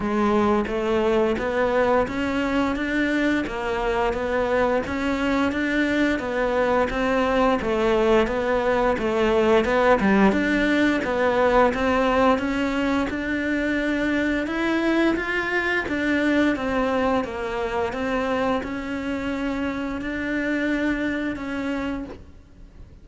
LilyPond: \new Staff \with { instrumentName = "cello" } { \time 4/4 \tempo 4 = 87 gis4 a4 b4 cis'4 | d'4 ais4 b4 cis'4 | d'4 b4 c'4 a4 | b4 a4 b8 g8 d'4 |
b4 c'4 cis'4 d'4~ | d'4 e'4 f'4 d'4 | c'4 ais4 c'4 cis'4~ | cis'4 d'2 cis'4 | }